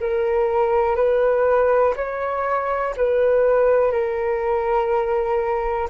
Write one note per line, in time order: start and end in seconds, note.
0.00 0.96 A#4
0.96 1.94 B4
1.96 2.95 C#5
2.96 3.92 B4
3.92 5.88 A#4